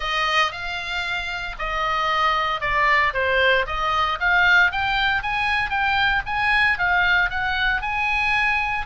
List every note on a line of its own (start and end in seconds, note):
0.00 0.51 D#5
0.51 1.56 F5
1.59 2.61 D#5
2.61 3.13 D5
3.13 3.65 C5
3.66 4.18 D#5
4.20 4.71 F5
4.71 5.22 G5
5.22 5.70 G#5
5.70 6.22 G5
6.26 6.78 G#5
6.78 7.29 F5
7.29 7.81 F#5
7.81 8.86 G#5